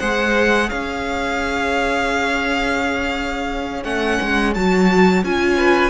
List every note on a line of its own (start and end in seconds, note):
0.00 0.71 G#3
0.00 3.83 G#4
0.00 0.70 C5
0.00 0.69 F#5
0.69 3.84 C#4
0.69 5.57 C#5
0.69 3.83 F5
3.83 4.19 A3
3.83 4.53 C#4
3.83 4.54 F#5
4.22 4.56 G#3
4.54 5.23 F#3
4.54 5.25 F#4
4.54 5.24 A5
5.23 5.90 C#4
5.23 5.90 F4
5.23 5.90 G#5
5.57 5.90 B4